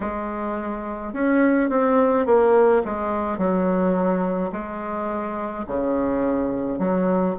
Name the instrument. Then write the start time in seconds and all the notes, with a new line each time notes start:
bassoon
0.00 G#3
1.13 C#4
1.69 C4
2.25 A#3
2.85 G#3
3.38 F#3
4.51 G#3
5.67 C#3
6.78 F#3